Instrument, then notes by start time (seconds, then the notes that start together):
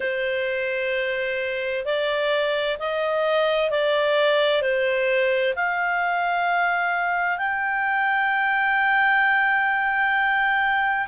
clarinet
0.00 C5
1.85 D5
2.79 D#5
3.70 D5
4.62 C5
5.55 F5
7.38 G5